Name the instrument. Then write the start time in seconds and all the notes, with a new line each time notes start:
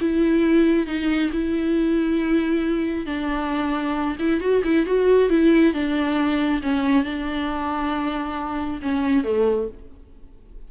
viola
0.00 E4
0.86 D#4
1.32 E4
3.06 D4
4.19 E4
4.40 F#4
4.64 E4
4.86 F#4
5.29 E4
5.73 D4
6.62 C#4
7.04 D4
8.82 C#4
9.23 A3